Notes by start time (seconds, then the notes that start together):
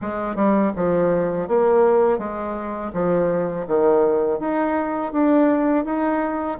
0.01 G#3
0.35 G3
0.75 F3
1.48 A#3
2.18 G#3
2.93 F3
3.67 D#3
4.39 D#4
5.12 D4
5.84 D#4